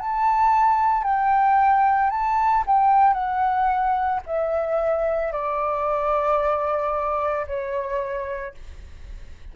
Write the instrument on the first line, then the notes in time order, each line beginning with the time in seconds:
flute
0.00 A5
1.04 G5
2.10 A5
2.67 G5
3.14 F#5
4.27 E5
5.32 D5
7.47 C#5